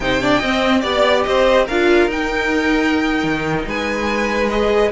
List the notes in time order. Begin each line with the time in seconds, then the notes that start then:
0.00 C3 D#4 C5 G5
0.21 D4 D5
0.39 C4 D#5
0.80 B3 G4 D5
1.23 C4 C5 D#5
1.65 D4 F4 A#4 F5
2.07 D#4 G5
3.23 D#3
3.66 G#3 B4 G#5
4.49 G#4 D#5